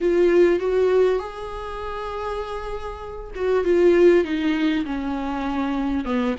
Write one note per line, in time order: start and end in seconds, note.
0.00 0.59 F4
0.59 1.19 F#4
1.19 3.31 G#4
3.35 3.64 F#4
3.64 4.24 F4
4.24 4.85 D#4
4.85 6.04 C#4
6.04 6.35 B3